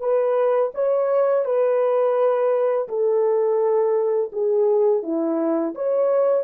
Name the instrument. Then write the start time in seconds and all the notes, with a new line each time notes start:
horn
0.00 B4
0.74 C#5
1.45 B4
2.88 A4
4.32 G#4
5.03 E4
5.75 C#5